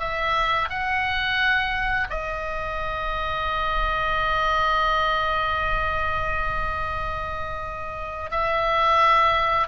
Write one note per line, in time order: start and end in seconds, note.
0.00 0.69 E5
0.70 2.08 F#5
2.10 8.31 D#5
8.31 9.68 E5